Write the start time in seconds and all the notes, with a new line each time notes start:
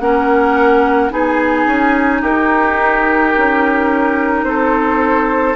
0.00 A#3 C#4 A#4 F#5
1.11 B3 D#4 G#4 G#5
1.67 C#4
2.22 D#4 G4 A#4
3.38 C#4
4.44 C4 A4 C5